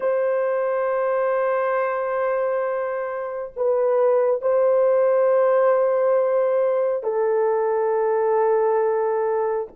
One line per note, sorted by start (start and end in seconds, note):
0.00 3.52 C5
3.56 4.41 B4
4.41 7.03 C5
7.03 9.68 A4